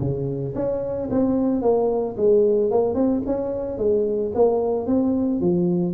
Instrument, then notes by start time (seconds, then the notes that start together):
tuba
0.00 C#3
0.55 C#4
1.11 C4
1.62 A#3
2.17 G#3
2.71 A#3
2.95 C4
3.26 C#4
3.78 G#3
4.34 A#3
4.87 C4
5.41 F3